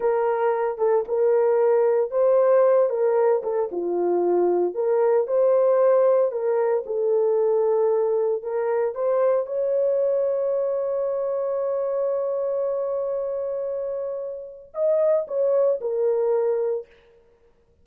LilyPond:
\new Staff \with { instrumentName = "horn" } { \time 4/4 \tempo 4 = 114 ais'4. a'8 ais'2 | c''4. ais'4 a'8 f'4~ | f'4 ais'4 c''2 | ais'4 a'2. |
ais'4 c''4 cis''2~ | cis''1~ | cis''1 | dis''4 cis''4 ais'2 | }